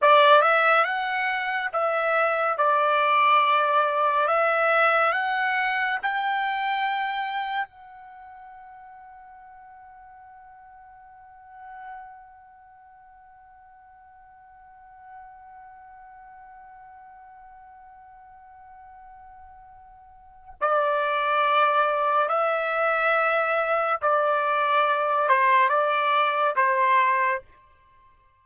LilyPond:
\new Staff \with { instrumentName = "trumpet" } { \time 4/4 \tempo 4 = 70 d''8 e''8 fis''4 e''4 d''4~ | d''4 e''4 fis''4 g''4~ | g''4 fis''2.~ | fis''1~ |
fis''1~ | fis''1 | d''2 e''2 | d''4. c''8 d''4 c''4 | }